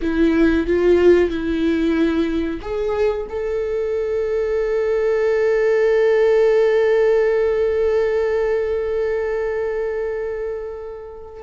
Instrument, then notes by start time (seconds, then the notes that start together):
viola
0.01 E4
0.66 F4
1.30 E4
2.61 G#4
3.29 A4